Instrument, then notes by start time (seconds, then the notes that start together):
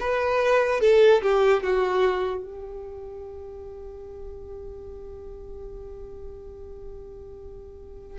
violin
0.00 B4
0.80 A4
1.22 G4
1.63 F#4
2.45 G4